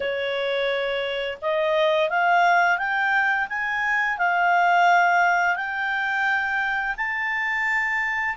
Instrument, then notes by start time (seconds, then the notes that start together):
clarinet
0.00 C#5
1.41 D#5
2.09 F5
2.77 G5
3.49 G#5
4.17 F5
5.56 G5
6.96 A5